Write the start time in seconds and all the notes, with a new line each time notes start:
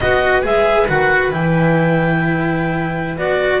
0.00 B3 F#4 B4 D#5
0.42 G#3 G#4 E5
0.87 D#3 F#4 F#5
1.31 E3 E4 G5
3.17 B3 F#4 D5